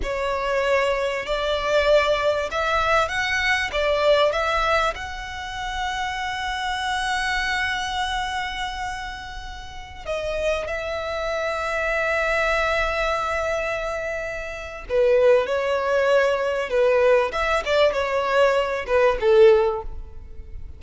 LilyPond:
\new Staff \with { instrumentName = "violin" } { \time 4/4 \tempo 4 = 97 cis''2 d''2 | e''4 fis''4 d''4 e''4 | fis''1~ | fis''1~ |
fis''16 dis''4 e''2~ e''8.~ | e''1 | b'4 cis''2 b'4 | e''8 d''8 cis''4. b'8 a'4 | }